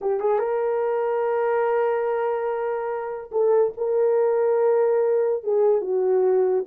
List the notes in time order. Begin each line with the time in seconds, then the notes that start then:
0.01 G4
0.20 G#4
0.38 A#4
3.31 A4
3.77 A#4
5.43 G#4
5.81 F#4